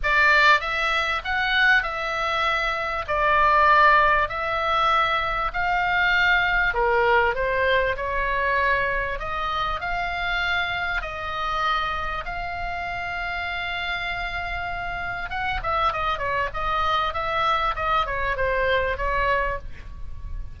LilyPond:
\new Staff \with { instrumentName = "oboe" } { \time 4/4 \tempo 4 = 98 d''4 e''4 fis''4 e''4~ | e''4 d''2 e''4~ | e''4 f''2 ais'4 | c''4 cis''2 dis''4 |
f''2 dis''2 | f''1~ | f''4 fis''8 e''8 dis''8 cis''8 dis''4 | e''4 dis''8 cis''8 c''4 cis''4 | }